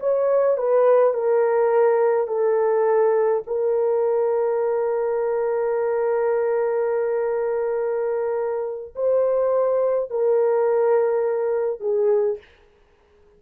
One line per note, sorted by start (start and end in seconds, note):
0.00 0.58 C#5
0.58 1.14 B4
1.14 2.28 A#4
2.28 3.43 A4
3.47 8.95 A#4
8.95 10.10 C5
10.10 11.81 A#4
11.81 12.38 G#4